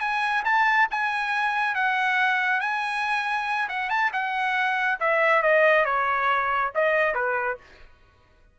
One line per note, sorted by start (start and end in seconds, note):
0.00 0.43 G#5
0.44 0.87 A5
0.91 1.75 G#5
1.75 2.60 F#5
2.60 3.68 G#5
3.69 3.89 F#5
3.89 4.11 A5
4.12 4.99 F#5
5.00 5.42 E5
5.42 5.85 D#5
5.85 6.72 C#5
6.75 7.14 D#5
7.14 7.57 B4